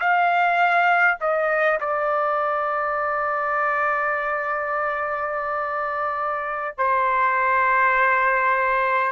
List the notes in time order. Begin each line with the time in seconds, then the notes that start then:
0.00 F5
1.20 D#5
1.80 D5
6.78 C5